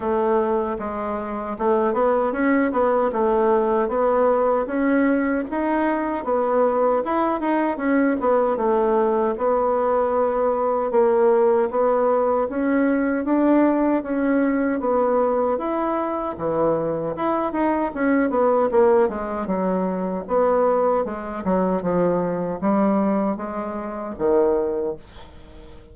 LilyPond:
\new Staff \with { instrumentName = "bassoon" } { \time 4/4 \tempo 4 = 77 a4 gis4 a8 b8 cis'8 b8 | a4 b4 cis'4 dis'4 | b4 e'8 dis'8 cis'8 b8 a4 | b2 ais4 b4 |
cis'4 d'4 cis'4 b4 | e'4 e4 e'8 dis'8 cis'8 b8 | ais8 gis8 fis4 b4 gis8 fis8 | f4 g4 gis4 dis4 | }